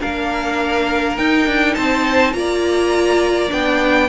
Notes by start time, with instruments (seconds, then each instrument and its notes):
0.00 cello A#3, viola D4, violin A#4 F5
1.17 viola D#4, cello D#4, violin G5
1.47 cello D4
1.75 cello C4, violin C5 A5
2.33 cello A#3, viola F4, violin D5 A#5
3.49 cello B3, viola D4, violin G5